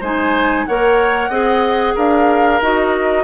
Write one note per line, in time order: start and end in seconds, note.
0.00 0.65 G#3
0.00 0.68 D#4
0.00 0.65 C5
0.00 0.65 G#5
0.65 1.29 A#3
0.65 1.31 A#4
0.65 1.29 C#5
0.65 1.94 F#5
1.29 1.93 C4
1.29 2.60 G#4
1.29 1.94 D#5
1.95 2.61 D4
1.95 3.24 A#4
1.95 2.61 F5
2.61 3.24 D#4
2.61 3.24 F#4
2.61 3.24 D#5